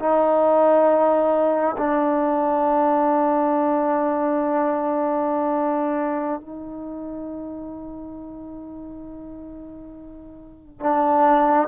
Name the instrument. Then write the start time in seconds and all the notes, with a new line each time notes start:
trombone
0.00 D#4
1.78 D4
6.41 D#4
10.80 D4